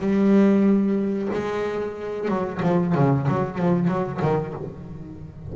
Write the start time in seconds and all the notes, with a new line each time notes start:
0.00 G3
1.33 G#3
2.29 F#3
2.63 F3
2.95 C#3
3.28 F#3
3.59 F3
3.88 F#3
4.22 D#3